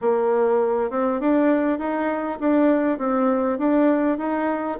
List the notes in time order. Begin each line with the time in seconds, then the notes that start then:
0.01 A#3
0.90 C4
1.20 D4
1.78 D#4
2.39 D4
2.98 C4
3.58 D4
4.18 D#4